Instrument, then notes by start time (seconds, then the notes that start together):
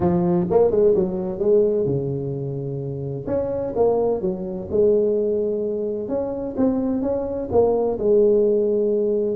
tuba
0.00 F3
0.50 A#3
0.70 G#3
0.95 F#3
1.39 G#3
1.85 C#3
3.26 C#4
3.75 A#3
4.21 F#3
4.70 G#3
6.08 C#4
6.56 C4
7.02 C#4
7.51 A#3
7.99 G#3